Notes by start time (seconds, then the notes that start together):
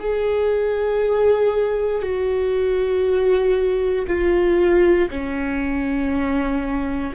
0.00 G#4
2.02 F#4
4.08 F4
5.10 C#4